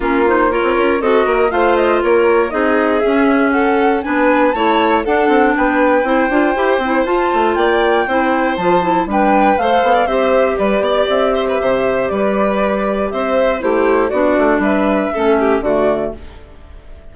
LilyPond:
<<
  \new Staff \with { instrumentName = "flute" } { \time 4/4 \tempo 4 = 119 ais'8 c''8 cis''4 dis''4 f''8 dis''8 | cis''4 dis''4 e''4 fis''4 | gis''4 a''4 fis''4 g''4~ | g''2 a''4 g''4~ |
g''4 a''4 g''4 f''4 | e''4 d''4 e''2 | d''2 e''4 c''4 | d''4 e''2 d''4 | }
  \new Staff \with { instrumentName = "violin" } { \time 4/4 f'4 ais'4 a'8 ais'8 c''4 | ais'4 gis'2 a'4 | b'4 cis''4 a'4 b'4 | c''2. d''4 |
c''2 b'4 c''8. d''16 | c''4 b'8 d''4 c''16 b'16 c''4 | b'2 c''4 g'4 | fis'4 b'4 a'8 g'8 fis'4 | }
  \new Staff \with { instrumentName = "clarinet" } { \time 4/4 cis'8 dis'8 f'4 fis'4 f'4~ | f'4 dis'4 cis'2 | d'4 e'4 d'2 | e'8 f'8 g'8 e'8 f'2 |
e'4 f'8 e'8 d'4 a'4 | g'1~ | g'2. e'4 | d'2 cis'4 a4 | }
  \new Staff \with { instrumentName = "bassoon" } { \time 4/4 ais4~ ais16 c'16 cis'8 c'8 ais8 a4 | ais4 c'4 cis'2 | b4 a4 d'8 c'8 b4 | c'8 d'8 e'8 c'8 f'8 a8 ais4 |
c'4 f4 g4 a8 b8 | c'4 g8 b8 c'4 c4 | g2 c'4 a4 | b8 a8 g4 a4 d4 | }
>>